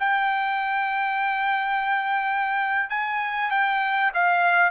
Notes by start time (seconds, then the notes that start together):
0.00 G5
2.90 G#5
3.51 G5
4.14 F5